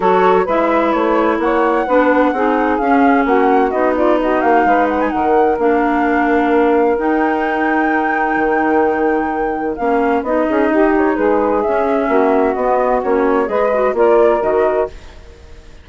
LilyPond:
<<
  \new Staff \with { instrumentName = "flute" } { \time 4/4 \tempo 4 = 129 cis''4 e''4 cis''4 fis''4~ | fis''2 f''4 fis''4 | dis''8 d''8 dis''8 f''4 fis''16 gis''16 fis''4 | f''2. g''4~ |
g''1~ | g''4 f''4 dis''4. cis''8 | b'4 e''2 dis''4 | cis''4 dis''4 d''4 dis''4 | }
  \new Staff \with { instrumentName = "saxophone" } { \time 4/4 a'4 b'2 cis''4 | b'4 gis'2 fis'4~ | fis'8 f'8 fis'4 b'4 ais'4~ | ais'1~ |
ais'1~ | ais'2~ ais'8 gis'8 g'4 | gis'2 fis'2~ | fis'4 b'4 ais'2 | }
  \new Staff \with { instrumentName = "clarinet" } { \time 4/4 fis'4 e'2. | d'4 dis'4 cis'2 | dis'1 | d'2. dis'4~ |
dis'1~ | dis'4 cis'4 dis'2~ | dis'4 cis'2 b4 | cis'4 gis'8 fis'8 f'4 fis'4 | }
  \new Staff \with { instrumentName = "bassoon" } { \time 4/4 fis4 gis4 a4 ais4 | b4 c'4 cis'4 ais4 | b4. ais8 gis4 dis4 | ais2. dis'4~ |
dis'2 dis2~ | dis4 ais4 b8 cis'8 dis'4 | gis4 cis'4 ais4 b4 | ais4 gis4 ais4 dis4 | }
>>